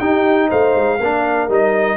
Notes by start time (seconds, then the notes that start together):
0.00 D#4 G4 G5
0.49 A3 C5 F5
0.75 G#3
1.00 A#3 D4 A#4
1.49 G3 D#4 D#5